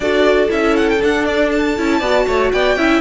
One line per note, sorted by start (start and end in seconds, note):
0.00 0.49 D4
0.00 0.48 F#4
0.00 1.98 A4
0.00 0.50 D5
0.48 1.01 C#4
0.48 0.98 E4
0.48 0.76 E5
0.76 0.89 F#5
0.89 1.01 G5
0.99 1.75 D4
0.99 1.78 D4
0.99 1.25 F#5
1.25 1.50 D5
1.51 2.51 A5
1.77 2.00 C#4
1.77 2.02 E4
1.98 2.26 B3
1.98 2.78 F#4
1.98 2.23 D5
2.27 2.52 A3
2.27 2.52 C#5
2.51 2.76 B3
2.51 2.77 D5
2.51 3.01 G5
2.76 3.01 C#4
2.76 3.01 E4
2.76 3.01 E5